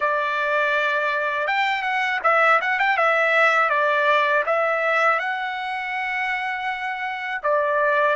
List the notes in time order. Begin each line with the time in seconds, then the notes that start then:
0.00 D5
1.47 G5
1.82 F#5
2.23 E5
2.61 F#5
2.79 G5
2.97 E5
3.69 D5
4.46 E5
5.19 F#5
7.43 D5